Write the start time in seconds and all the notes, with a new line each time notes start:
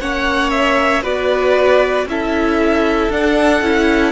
0.00 A#3 C#4 C#5 F#5
0.50 E5
1.02 B3 F#4 B4 D5
2.05 C#4 E4 A4 E5
3.10 D4 F#5
3.61 C#4 E4